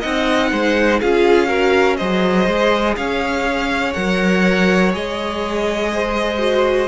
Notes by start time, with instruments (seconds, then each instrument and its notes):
0.00 cello C4, viola D#4, violin D#5 F#5
0.52 cello G#3, violin C5
1.00 cello C#4, viola F4, violin G#4 F5
1.47 viola F#4, violin A#4
1.97 cello F#3, viola G#4, violin C5 D#5
2.47 cello G#3
2.96 cello C#4, violin C#5 F5
3.93 cello F#3, viola A#4, violin F#5
4.93 cello G#3, viola G#4, violin D#5
5.93 violin C5
6.38 viola F#4